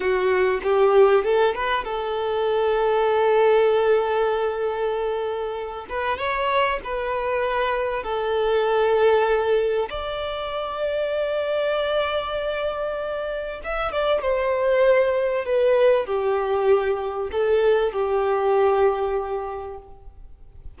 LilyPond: \new Staff \with { instrumentName = "violin" } { \time 4/4 \tempo 4 = 97 fis'4 g'4 a'8 b'8 a'4~ | a'1~ | a'4. b'8 cis''4 b'4~ | b'4 a'2. |
d''1~ | d''2 e''8 d''8 c''4~ | c''4 b'4 g'2 | a'4 g'2. | }